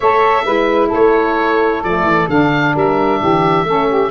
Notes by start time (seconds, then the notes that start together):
0.00 A3 A4 C#5 E5
0.44 G#3 E4 B4
0.87 A3 A4
0.94 C#5
1.83 F3 A3 D5
2.03 E3
2.28 D3 D4 F5
2.74 G3 A#4 E5
3.19 E3 G4
3.64 A3 C#4 A4
3.87 G4